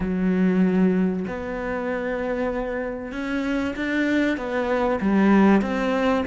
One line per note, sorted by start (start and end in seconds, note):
0.00 1.25 F#3
1.27 3.12 B3
3.12 3.74 C#4
3.76 4.37 D4
4.37 4.99 B3
5.00 5.61 G3
5.61 6.24 C4